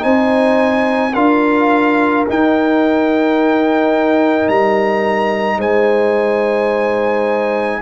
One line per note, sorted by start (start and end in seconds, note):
0.00 1.15 C4
0.00 1.11 D#4
0.00 1.13 C5
0.00 1.14 G#5
1.13 2.26 D4
1.13 2.27 F4
1.13 5.57 A#4
1.13 2.25 F5
2.28 7.82 D#4
2.28 4.49 D#4
2.28 4.49 G5
4.49 5.57 G3
4.49 5.60 A#5
5.57 7.80 G#3
5.57 7.80 C5
5.57 7.82 G#5